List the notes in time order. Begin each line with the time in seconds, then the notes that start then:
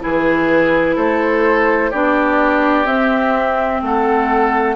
0.00 E3 E4 G#4 B4
0.95 A3 A4 C5
1.90 B3 D4 G4 D5
2.85 C4 E5
3.82 A3 A4 F#5